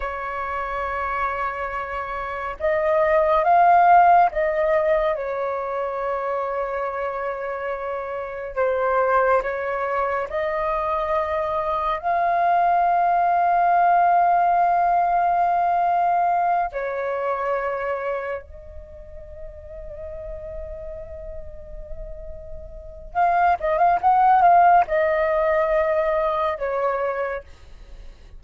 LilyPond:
\new Staff \with { instrumentName = "flute" } { \time 4/4 \tempo 4 = 70 cis''2. dis''4 | f''4 dis''4 cis''2~ | cis''2 c''4 cis''4 | dis''2 f''2~ |
f''2.~ f''8 cis''8~ | cis''4. dis''2~ dis''8~ | dis''2. f''8 dis''16 f''16 | fis''8 f''8 dis''2 cis''4 | }